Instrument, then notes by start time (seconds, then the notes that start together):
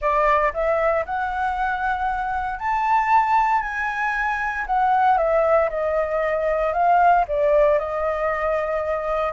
flute
0.01 D5
0.53 E5
1.05 F#5
2.59 A5
3.62 G#5
4.66 F#5
5.17 E5
5.69 D#5
6.73 F5
7.27 D5
7.78 D#5